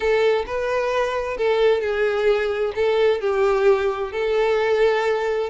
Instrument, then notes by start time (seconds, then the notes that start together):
violin
0.00 A4
0.46 B4
1.37 A4
1.81 G#4
2.75 A4
3.20 G4
4.12 A4